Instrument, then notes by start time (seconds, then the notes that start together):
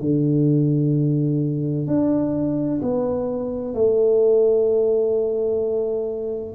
tuba
0.00 D3
1.87 D4
2.82 B3
3.75 A3